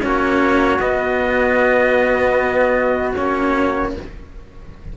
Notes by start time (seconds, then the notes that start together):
0.00 A#3 C#4 F#4
0.07 C#5
0.78 B3 D#5
3.15 A#3 C#4 C#5